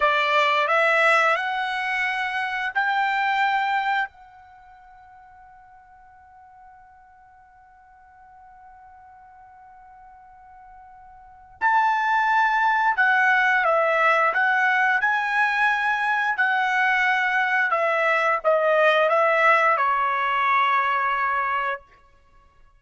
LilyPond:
\new Staff \with { instrumentName = "trumpet" } { \time 4/4 \tempo 4 = 88 d''4 e''4 fis''2 | g''2 fis''2~ | fis''1~ | fis''1~ |
fis''4 a''2 fis''4 | e''4 fis''4 gis''2 | fis''2 e''4 dis''4 | e''4 cis''2. | }